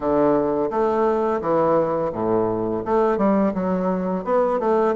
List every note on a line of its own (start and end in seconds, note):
0.00 0.70 D3
0.70 1.41 A3
1.41 2.11 E3
2.12 2.83 A2
2.85 3.17 A3
3.17 3.52 G3
3.54 4.24 F#3
4.24 4.59 B3
4.59 4.94 A3